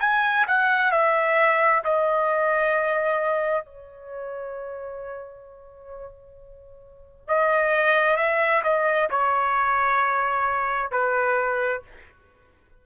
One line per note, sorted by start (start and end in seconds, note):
0.00 0.45 G#5
0.47 0.91 F#5
0.91 1.82 E5
1.84 3.65 D#5
3.65 7.28 C#5
7.28 8.16 D#5
8.16 8.62 E5
8.63 9.09 D#5
9.10 10.91 C#5
10.91 11.82 B4